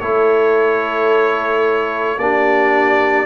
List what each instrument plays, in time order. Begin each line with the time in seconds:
0.00 tuba A3, trombone E4, horn A4, trumpet C#5
2.17 tuba A#3, trombone D4, horn G4, trumpet D5